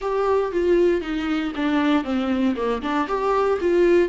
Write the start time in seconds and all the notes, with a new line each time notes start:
0.01 G4
0.52 F4
1.01 D#4
1.55 D4
2.03 C4
2.56 A#3
2.82 D4
3.07 G4
3.60 F4